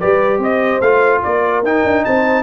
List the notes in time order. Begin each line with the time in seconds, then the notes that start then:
0.00 G3 G4 B4 D5
0.38 C4 C5 D#5
0.81 A3 F4 F5
1.24 A#3 A#4 D5
1.63 D#4 G5
1.85 D4
2.05 C4 C5 A5